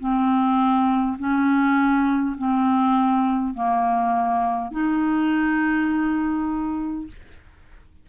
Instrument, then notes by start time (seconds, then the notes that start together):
clarinet
0.00 C4
1.19 C#4
2.38 C4
3.55 A#3
4.72 D#4